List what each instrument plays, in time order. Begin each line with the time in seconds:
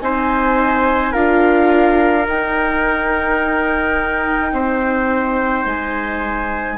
0.00 bassoon C4, viola D#4, trumpet C5, flute G#5
1.12 bassoon D4, viola F4, trumpet A#4, flute F5
2.25 viola D#4, bassoon D#4, flute G5
4.52 bassoon C4, trumpet C5
5.65 bassoon G#3, flute G#5